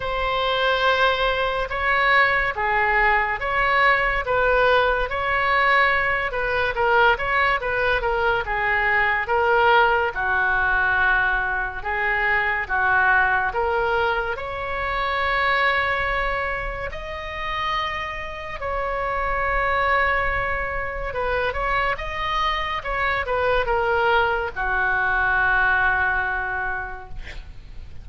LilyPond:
\new Staff \with { instrumentName = "oboe" } { \time 4/4 \tempo 4 = 71 c''2 cis''4 gis'4 | cis''4 b'4 cis''4. b'8 | ais'8 cis''8 b'8 ais'8 gis'4 ais'4 | fis'2 gis'4 fis'4 |
ais'4 cis''2. | dis''2 cis''2~ | cis''4 b'8 cis''8 dis''4 cis''8 b'8 | ais'4 fis'2. | }